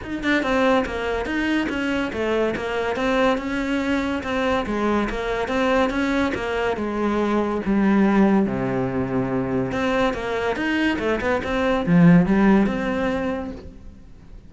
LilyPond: \new Staff \with { instrumentName = "cello" } { \time 4/4 \tempo 4 = 142 dis'8 d'8 c'4 ais4 dis'4 | cis'4 a4 ais4 c'4 | cis'2 c'4 gis4 | ais4 c'4 cis'4 ais4 |
gis2 g2 | c2. c'4 | ais4 dis'4 a8 b8 c'4 | f4 g4 c'2 | }